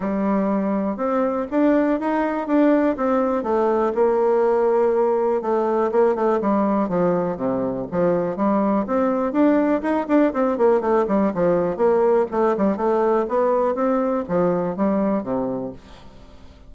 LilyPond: \new Staff \with { instrumentName = "bassoon" } { \time 4/4 \tempo 4 = 122 g2 c'4 d'4 | dis'4 d'4 c'4 a4 | ais2. a4 | ais8 a8 g4 f4 c4 |
f4 g4 c'4 d'4 | dis'8 d'8 c'8 ais8 a8 g8 f4 | ais4 a8 g8 a4 b4 | c'4 f4 g4 c4 | }